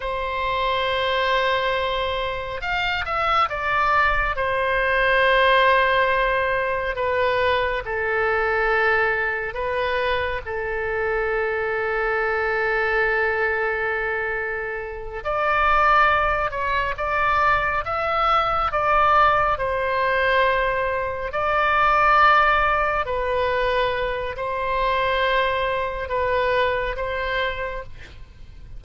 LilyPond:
\new Staff \with { instrumentName = "oboe" } { \time 4/4 \tempo 4 = 69 c''2. f''8 e''8 | d''4 c''2. | b'4 a'2 b'4 | a'1~ |
a'4. d''4. cis''8 d''8~ | d''8 e''4 d''4 c''4.~ | c''8 d''2 b'4. | c''2 b'4 c''4 | }